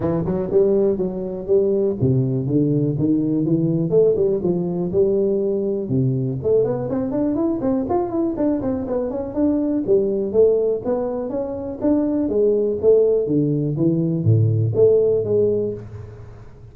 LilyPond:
\new Staff \with { instrumentName = "tuba" } { \time 4/4 \tempo 4 = 122 e8 fis8 g4 fis4 g4 | c4 d4 dis4 e4 | a8 g8 f4 g2 | c4 a8 b8 c'8 d'8 e'8 c'8 |
f'8 e'8 d'8 c'8 b8 cis'8 d'4 | g4 a4 b4 cis'4 | d'4 gis4 a4 d4 | e4 a,4 a4 gis4 | }